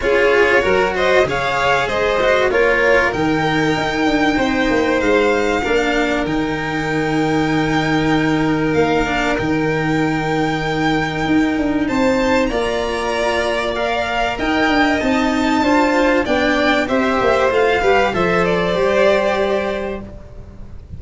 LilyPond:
<<
  \new Staff \with { instrumentName = "violin" } { \time 4/4 \tempo 4 = 96 cis''4. dis''8 f''4 dis''4 | cis''4 g''2. | f''2 g''2~ | g''2 f''4 g''4~ |
g''2. a''4 | ais''2 f''4 g''4 | a''2 g''4 e''4 | f''4 e''8 d''2~ d''8 | }
  \new Staff \with { instrumentName = "violin" } { \time 4/4 gis'4 ais'8 c''8 cis''4 c''4 | ais'2. c''4~ | c''4 ais'2.~ | ais'1~ |
ais'2. c''4 | d''2. dis''4~ | dis''4 c''4 d''4 c''4~ | c''8 b'8 c''2. | }
  \new Staff \with { instrumentName = "cello" } { \time 4/4 f'4 fis'4 gis'4. fis'8 | f'4 dis'2.~ | dis'4 d'4 dis'2~ | dis'2~ dis'8 d'8 dis'4~ |
dis'1 | f'2 ais'2 | dis'4 f'4 d'4 g'4 | f'8 g'8 a'4 g'2 | }
  \new Staff \with { instrumentName = "tuba" } { \time 4/4 cis'4 fis4 cis4 gis4 | ais4 dis4 dis'8 d'8 c'8 ais8 | gis4 ais4 dis2~ | dis2 ais4 dis4~ |
dis2 dis'8 d'8 c'4 | ais2. dis'8 d'8 | c'4 d'4 b4 c'8 ais8 | a8 g8 f4 g2 | }
>>